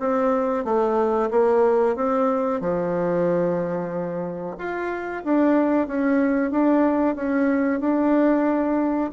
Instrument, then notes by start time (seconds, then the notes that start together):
bassoon
0.00 C4
0.65 A3
1.31 A#3
1.96 C4
2.61 F3
4.59 F4
5.24 D4
5.88 C#4
6.51 D4
7.16 C#4
7.80 D4